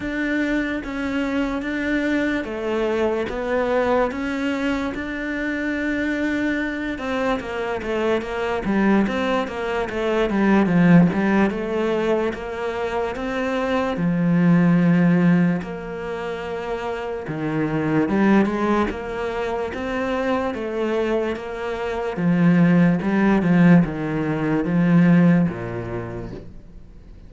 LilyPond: \new Staff \with { instrumentName = "cello" } { \time 4/4 \tempo 4 = 73 d'4 cis'4 d'4 a4 | b4 cis'4 d'2~ | d'8 c'8 ais8 a8 ais8 g8 c'8 ais8 | a8 g8 f8 g8 a4 ais4 |
c'4 f2 ais4~ | ais4 dis4 g8 gis8 ais4 | c'4 a4 ais4 f4 | g8 f8 dis4 f4 ais,4 | }